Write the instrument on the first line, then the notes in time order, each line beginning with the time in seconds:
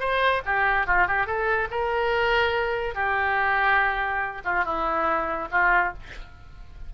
oboe
0.00 C5
0.45 G4
0.87 F4
1.08 G4
1.27 A4
1.71 A#4
2.95 G4
4.45 F4
4.65 E4
5.52 F4